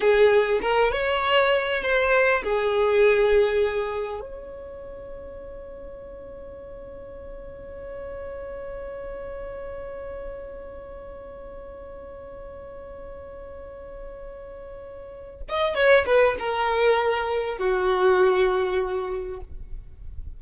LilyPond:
\new Staff \with { instrumentName = "violin" } { \time 4/4 \tempo 4 = 99 gis'4 ais'8 cis''4. c''4 | gis'2. cis''4~ | cis''1~ | cis''1~ |
cis''1~ | cis''1~ | cis''4. dis''8 cis''8 b'8 ais'4~ | ais'4 fis'2. | }